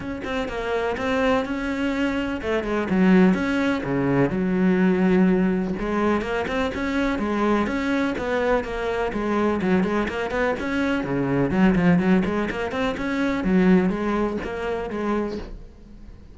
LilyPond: \new Staff \with { instrumentName = "cello" } { \time 4/4 \tempo 4 = 125 cis'8 c'8 ais4 c'4 cis'4~ | cis'4 a8 gis8 fis4 cis'4 | cis4 fis2. | gis4 ais8 c'8 cis'4 gis4 |
cis'4 b4 ais4 gis4 | fis8 gis8 ais8 b8 cis'4 cis4 | fis8 f8 fis8 gis8 ais8 c'8 cis'4 | fis4 gis4 ais4 gis4 | }